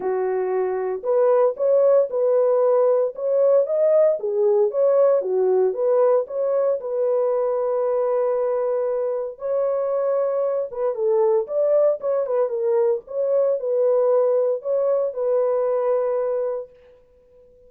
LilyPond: \new Staff \with { instrumentName = "horn" } { \time 4/4 \tempo 4 = 115 fis'2 b'4 cis''4 | b'2 cis''4 dis''4 | gis'4 cis''4 fis'4 b'4 | cis''4 b'2.~ |
b'2 cis''2~ | cis''8 b'8 a'4 d''4 cis''8 b'8 | ais'4 cis''4 b'2 | cis''4 b'2. | }